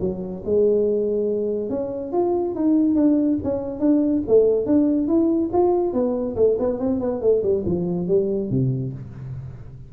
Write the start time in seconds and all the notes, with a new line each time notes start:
0.00 F#3
0.45 G#3
1.69 C#4
2.12 F4
2.54 D#4
2.95 D4
3.43 C#4
3.79 D4
4.27 A3
4.65 D4
5.07 E4
5.52 F4
5.93 B3
6.35 A3
6.59 B3
6.79 C4
7.00 B3
7.21 A3
7.42 G3
7.65 F3
8.07 G3
8.50 C3